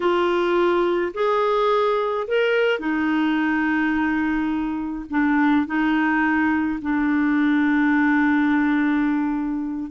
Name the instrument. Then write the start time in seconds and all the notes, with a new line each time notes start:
clarinet
0.00 F4
1.13 G#4
2.27 A#4
2.79 D#4
5.10 D4
5.66 D#4
6.81 D4